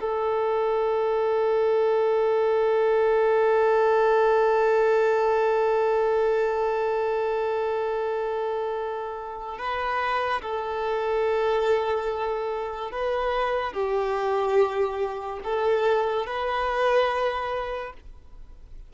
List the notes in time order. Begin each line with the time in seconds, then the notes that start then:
0.00 A4
9.58 B4
10.42 A4
12.91 B4
13.73 G4
15.44 A4
16.26 B4